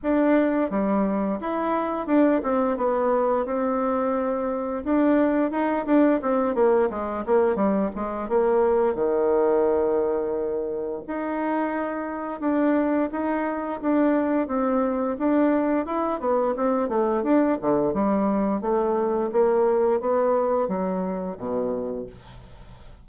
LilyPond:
\new Staff \with { instrumentName = "bassoon" } { \time 4/4 \tempo 4 = 87 d'4 g4 e'4 d'8 c'8 | b4 c'2 d'4 | dis'8 d'8 c'8 ais8 gis8 ais8 g8 gis8 | ais4 dis2. |
dis'2 d'4 dis'4 | d'4 c'4 d'4 e'8 b8 | c'8 a8 d'8 d8 g4 a4 | ais4 b4 fis4 b,4 | }